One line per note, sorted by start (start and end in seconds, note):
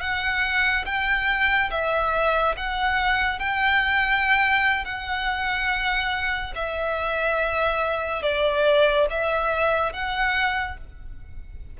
0.00 0.85 F#5
0.85 1.70 G5
1.71 2.55 E5
2.56 3.39 F#5
3.39 4.84 G5
4.84 6.53 F#5
6.55 8.22 E5
8.22 9.07 D5
9.10 9.93 E5
9.93 10.77 F#5